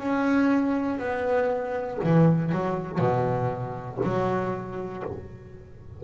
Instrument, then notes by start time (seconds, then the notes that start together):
double bass
0.00 C#4
0.99 B3
2.04 E3
2.52 F#3
3.00 B2
4.04 F#3